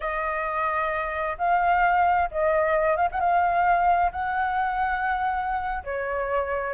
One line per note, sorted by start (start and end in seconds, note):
0.00 1.36 D#5
1.37 2.29 F5
2.31 2.96 D#5
2.96 3.08 F5
3.11 3.20 F#5
3.20 4.11 F5
4.12 5.83 F#5
5.84 6.74 C#5